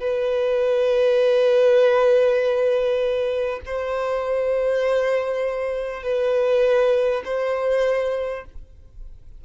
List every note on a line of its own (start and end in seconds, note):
0.00 3.60 B4
3.66 6.03 C5
6.03 7.23 B4
7.25 8.45 C5